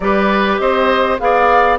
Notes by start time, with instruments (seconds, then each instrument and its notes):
0.00 bassoon G3, clarinet G4, oboe B4, flute D5
0.58 bassoon C4, oboe C5, flute D#5
1.19 bassoon B3, clarinet G#4, oboe D5, flute F5